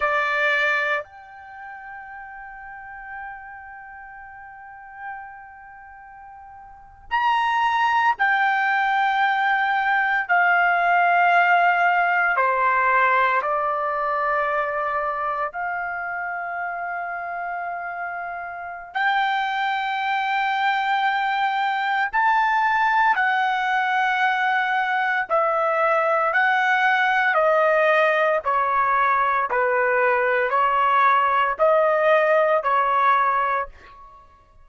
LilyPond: \new Staff \with { instrumentName = "trumpet" } { \time 4/4 \tempo 4 = 57 d''4 g''2.~ | g''2~ g''8. ais''4 g''16~ | g''4.~ g''16 f''2 c''16~ | c''8. d''2 f''4~ f''16~ |
f''2 g''2~ | g''4 a''4 fis''2 | e''4 fis''4 dis''4 cis''4 | b'4 cis''4 dis''4 cis''4 | }